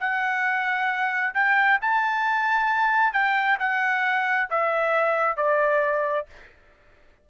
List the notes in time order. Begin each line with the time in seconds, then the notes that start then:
0.00 F#5
1.35 G5
1.82 A5
3.13 G5
3.60 F#5
4.50 E5
5.37 D5